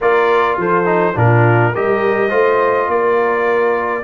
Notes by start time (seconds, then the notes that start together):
0.00 A#3 F4 A#4 D5
0.57 F3 A4 C5
0.84 D#4
1.14 A#2 D4 F4 A#4
1.72 G3 G4 A#4 D#5
2.29 A3 F4 C5
2.88 A#3 A#4 D5